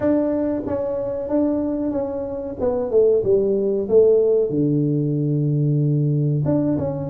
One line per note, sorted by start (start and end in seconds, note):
0.00 0.62 D4
0.66 1.28 C#4
1.28 1.91 D4
1.91 2.55 C#4
2.60 2.90 B3
2.90 3.23 A3
3.23 3.88 G3
3.89 4.50 A3
4.50 6.43 D3
6.45 6.77 D4
6.77 7.09 C#4